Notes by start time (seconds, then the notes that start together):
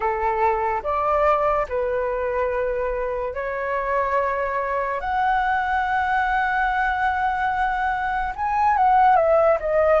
0.00 A4
0.83 D5
1.69 B4
3.33 C#5
5.00 F#5
8.35 G#5
8.77 F#5
9.16 E5
9.59 D#5